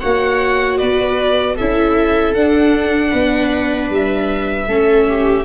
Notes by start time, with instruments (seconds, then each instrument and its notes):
0.00 tuba A#3, viola F#4 C#5, violin F#5
0.78 tuba B3, viola B4, violin D5
1.55 tuba C#4, viola E4 A4, violin E5
2.34 tuba D4, viola D4, violin F#5
3.11 tuba B3, viola B4
3.90 tuba G3, violin E5
4.67 tuba A3, viola C#4 A4
5.09 viola G4